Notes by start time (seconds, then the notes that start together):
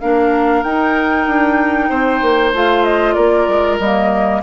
0.00 A#3 D4 A#4 F5
0.63 D#4 G5
1.27 D4
1.89 C4 C5
2.21 A#3
2.53 A3 F4 F5
2.84 D#5
3.14 A#3 A#4 D5
3.48 G#3
3.79 G3 A#3 D#5